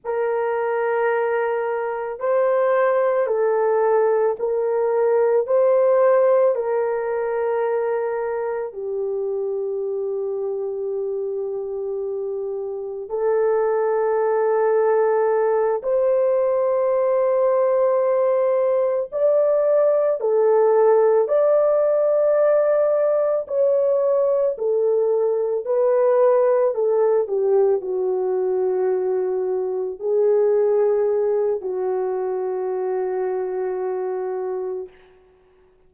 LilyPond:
\new Staff \with { instrumentName = "horn" } { \time 4/4 \tempo 4 = 55 ais'2 c''4 a'4 | ais'4 c''4 ais'2 | g'1 | a'2~ a'8 c''4.~ |
c''4. d''4 a'4 d''8~ | d''4. cis''4 a'4 b'8~ | b'8 a'8 g'8 fis'2 gis'8~ | gis'4 fis'2. | }